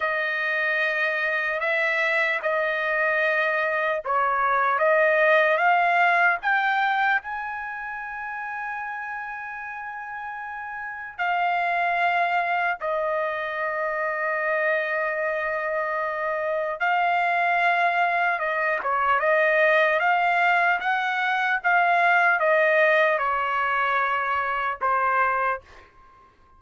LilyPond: \new Staff \with { instrumentName = "trumpet" } { \time 4/4 \tempo 4 = 75 dis''2 e''4 dis''4~ | dis''4 cis''4 dis''4 f''4 | g''4 gis''2.~ | gis''2 f''2 |
dis''1~ | dis''4 f''2 dis''8 cis''8 | dis''4 f''4 fis''4 f''4 | dis''4 cis''2 c''4 | }